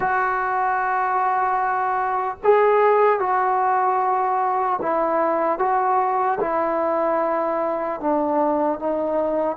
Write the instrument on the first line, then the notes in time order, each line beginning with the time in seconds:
trombone
0.00 F#4
2.43 G#4
3.19 F#4
4.81 E4
5.58 F#4
6.40 E4
8.00 D4
8.79 D#4